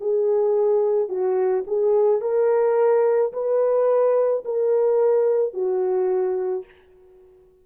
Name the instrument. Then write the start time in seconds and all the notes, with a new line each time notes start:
horn
0.00 G#4
1.09 F#4
1.66 G#4
2.21 A#4
3.32 B4
4.44 A#4
5.54 F#4